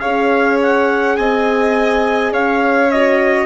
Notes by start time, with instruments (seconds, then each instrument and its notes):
0.00 bassoon C#4, horn G#4, violin C#5, trumpet F5
0.63 trumpet F#5
1.17 bassoon C4, violin D#5, trumpet G#5
2.33 bassoon C#4, violin C#5, trumpet F5
2.91 horn F#4, trumpet D#5